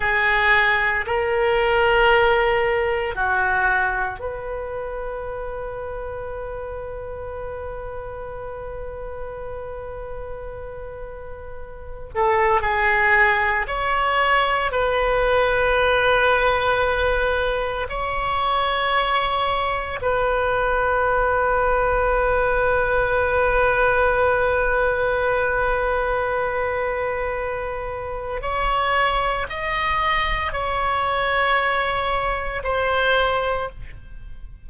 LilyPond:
\new Staff \with { instrumentName = "oboe" } { \time 4/4 \tempo 4 = 57 gis'4 ais'2 fis'4 | b'1~ | b'2.~ b'8 a'8 | gis'4 cis''4 b'2~ |
b'4 cis''2 b'4~ | b'1~ | b'2. cis''4 | dis''4 cis''2 c''4 | }